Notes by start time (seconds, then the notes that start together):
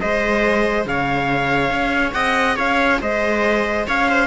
0.00 G#3 G#4 C5 D#5
0.85 C#3 C#5 F5
1.70 C#4
2.12 C4 D#5 F#5
2.56 C#4 C#5 F5
3.00 G#3 C5 D#5
3.87 C#4 C#5 F5
4.09 C5